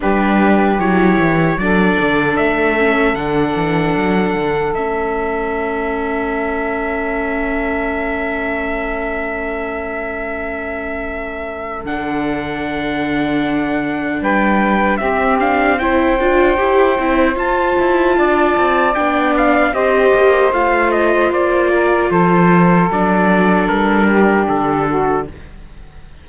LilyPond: <<
  \new Staff \with { instrumentName = "trumpet" } { \time 4/4 \tempo 4 = 76 b'4 cis''4 d''4 e''4 | fis''2 e''2~ | e''1~ | e''2. fis''4~ |
fis''2 g''4 e''8 f''8 | g''2 a''2 | g''8 f''8 dis''4 f''8 dis''8 d''4 | c''4 d''4 ais'4 a'4 | }
  \new Staff \with { instrumentName = "saxophone" } { \time 4/4 g'2 a'2~ | a'1~ | a'1~ | a'1~ |
a'2 b'4 g'4 | c''2. d''4~ | d''4 c''2~ c''8 ais'8 | a'2~ a'8 g'4 fis'8 | }
  \new Staff \with { instrumentName = "viola" } { \time 4/4 d'4 e'4 d'4. cis'8 | d'2 cis'2~ | cis'1~ | cis'2. d'4~ |
d'2. c'8 d'8 | e'8 f'8 g'8 e'8 f'2 | d'4 g'4 f'2~ | f'4 d'2. | }
  \new Staff \with { instrumentName = "cello" } { \time 4/4 g4 fis8 e8 fis8 d8 a4 | d8 e8 fis8 d8 a2~ | a1~ | a2. d4~ |
d2 g4 c'4~ | c'8 d'8 e'8 c'8 f'8 e'8 d'8 c'8 | b4 c'8 ais8 a4 ais4 | f4 fis4 g4 d4 | }
>>